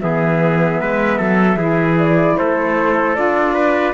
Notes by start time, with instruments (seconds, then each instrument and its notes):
0.00 cello E3, saxophone B3, trumpet G#4, flute E5
0.81 cello G#3, trumpet B4
1.18 cello F#3, trumpet A4
1.56 cello E3, saxophone E4, trumpet G#4
1.98 flute D5
2.37 cello A3, trumpet A4, flute C5
3.15 cello D4, saxophone F4, flute D5
3.54 trumpet B4